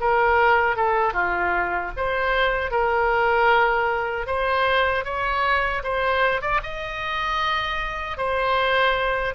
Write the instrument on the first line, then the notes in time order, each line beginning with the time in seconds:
oboe
0.00 A#4
0.76 A4
1.13 F4
1.96 C5
2.71 A#4
4.26 C5
5.04 C#5
5.83 C5
6.41 D5
6.63 D#5
8.17 C5